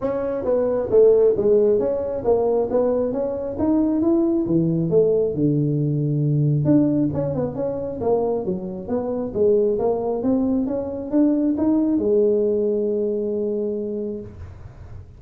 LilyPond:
\new Staff \with { instrumentName = "tuba" } { \time 4/4 \tempo 4 = 135 cis'4 b4 a4 gis4 | cis'4 ais4 b4 cis'4 | dis'4 e'4 e4 a4 | d2. d'4 |
cis'8 b8 cis'4 ais4 fis4 | b4 gis4 ais4 c'4 | cis'4 d'4 dis'4 gis4~ | gis1 | }